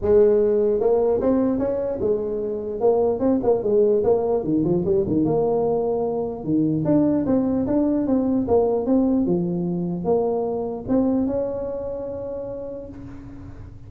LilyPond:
\new Staff \with { instrumentName = "tuba" } { \time 4/4 \tempo 4 = 149 gis2 ais4 c'4 | cis'4 gis2 ais4 | c'8 ais8 gis4 ais4 dis8 f8 | g8 dis8 ais2. |
dis4 d'4 c'4 d'4 | c'4 ais4 c'4 f4~ | f4 ais2 c'4 | cis'1 | }